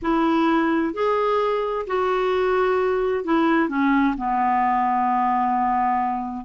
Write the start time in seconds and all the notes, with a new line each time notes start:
0.02 E4
0.93 G#4
1.87 F#4
3.24 E4
3.69 C#4
4.17 B3